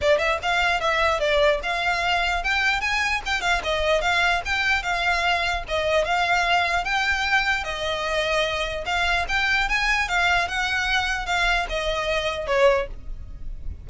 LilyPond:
\new Staff \with { instrumentName = "violin" } { \time 4/4 \tempo 4 = 149 d''8 e''8 f''4 e''4 d''4 | f''2 g''4 gis''4 | g''8 f''8 dis''4 f''4 g''4 | f''2 dis''4 f''4~ |
f''4 g''2 dis''4~ | dis''2 f''4 g''4 | gis''4 f''4 fis''2 | f''4 dis''2 cis''4 | }